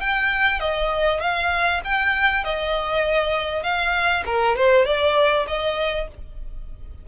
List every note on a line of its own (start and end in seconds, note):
0.00 0.60 G5
0.60 1.20 D#5
1.20 1.81 F5
1.84 2.44 G5
2.44 3.63 D#5
3.63 4.23 F5
4.26 4.56 A#4
4.56 4.85 C5
4.85 5.46 D5
5.47 6.08 D#5